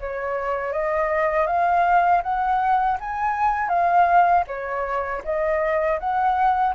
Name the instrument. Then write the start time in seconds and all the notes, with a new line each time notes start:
flute
0.00 C#5
0.73 D#5
1.47 F5
2.23 F#5
3.00 G#5
3.69 F5
4.47 C#5
5.25 D#5
6.00 F#5